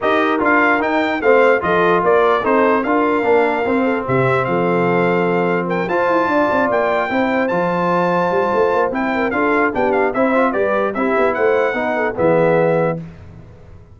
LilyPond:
<<
  \new Staff \with { instrumentName = "trumpet" } { \time 4/4 \tempo 4 = 148 dis''4 f''4 g''4 f''4 | dis''4 d''4 c''4 f''4~ | f''2 e''4 f''4~ | f''2 g''8 a''4.~ |
a''8 g''2 a''4.~ | a''2 g''4 f''4 | g''8 f''8 e''4 d''4 e''4 | fis''2 e''2 | }
  \new Staff \with { instrumentName = "horn" } { \time 4/4 ais'2. c''4 | a'4 ais'4 a'4 ais'4~ | ais'4. a'8 g'4 a'4~ | a'2 ais'8 c''4 d''8~ |
d''4. c''2~ c''8~ | c''2~ c''8 ais'8 a'4 | g'4 c''4 b'4 g'4 | c''4 b'8 a'8 gis'2 | }
  \new Staff \with { instrumentName = "trombone" } { \time 4/4 g'4 f'4 dis'4 c'4 | f'2 dis'4 f'4 | d'4 c'2.~ | c'2~ c'8 f'4.~ |
f'4. e'4 f'4.~ | f'2 e'4 f'4 | d'4 e'8 f'8 g'4 e'4~ | e'4 dis'4 b2 | }
  \new Staff \with { instrumentName = "tuba" } { \time 4/4 dis'4 d'4 dis'4 a4 | f4 ais4 c'4 d'4 | ais4 c'4 c4 f4~ | f2~ f8 f'8 e'8 d'8 |
c'8 ais4 c'4 f4.~ | f8 g8 a8 ais8 c'4 d'4 | b4 c'4 g4 c'8 b8 | a4 b4 e2 | }
>>